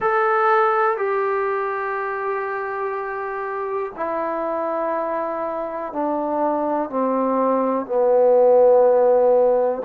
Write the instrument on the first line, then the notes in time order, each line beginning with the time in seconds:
trombone
0.00 A4
0.97 G4
3.96 E4
5.92 D4
6.89 C4
7.86 B3